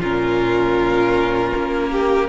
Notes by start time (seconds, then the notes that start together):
0.00 A#2 C#4 F4 A#4
1.56 A#3
1.92 G4